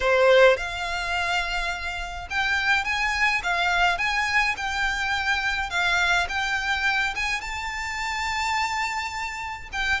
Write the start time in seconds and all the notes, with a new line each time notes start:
0.00 C5
0.56 F5
2.29 G5
2.84 G#5
3.43 F5
3.98 G#5
4.57 G5
5.70 F5
6.28 G5
7.15 G#5
7.40 A5
9.72 G5